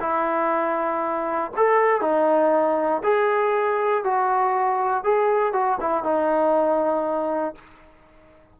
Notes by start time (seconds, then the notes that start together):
0.00 E4
1.56 A4
2.01 D#4
3.03 G#4
4.04 F#4
5.03 G#4
5.53 F#4
5.81 E4
6.03 D#4